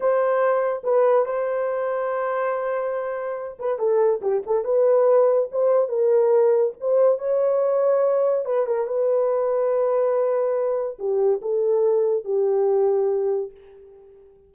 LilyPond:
\new Staff \with { instrumentName = "horn" } { \time 4/4 \tempo 4 = 142 c''2 b'4 c''4~ | c''1~ | c''8 b'8 a'4 g'8 a'8 b'4~ | b'4 c''4 ais'2 |
c''4 cis''2. | b'8 ais'8 b'2.~ | b'2 g'4 a'4~ | a'4 g'2. | }